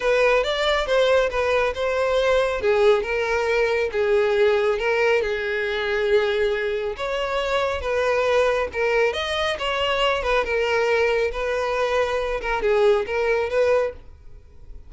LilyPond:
\new Staff \with { instrumentName = "violin" } { \time 4/4 \tempo 4 = 138 b'4 d''4 c''4 b'4 | c''2 gis'4 ais'4~ | ais'4 gis'2 ais'4 | gis'1 |
cis''2 b'2 | ais'4 dis''4 cis''4. b'8 | ais'2 b'2~ | b'8 ais'8 gis'4 ais'4 b'4 | }